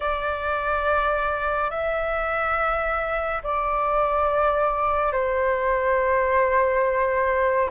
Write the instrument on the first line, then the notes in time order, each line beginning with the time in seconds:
flute
0.00 D5
1.70 E5
3.43 D5
5.12 C5